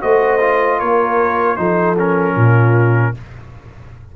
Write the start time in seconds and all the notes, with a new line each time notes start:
0.00 A3 F#4 C5 D#5
0.41 F4
0.79 A#3 A#4 C#5
1.56 F3 D#4 A4 C5
1.98 C#4 A#4
2.35 A#2 F4